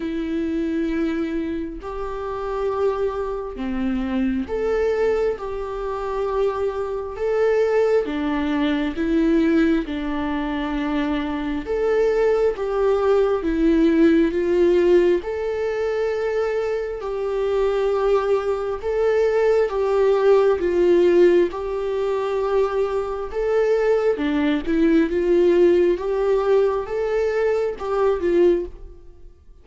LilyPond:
\new Staff \with { instrumentName = "viola" } { \time 4/4 \tempo 4 = 67 e'2 g'2 | c'4 a'4 g'2 | a'4 d'4 e'4 d'4~ | d'4 a'4 g'4 e'4 |
f'4 a'2 g'4~ | g'4 a'4 g'4 f'4 | g'2 a'4 d'8 e'8 | f'4 g'4 a'4 g'8 f'8 | }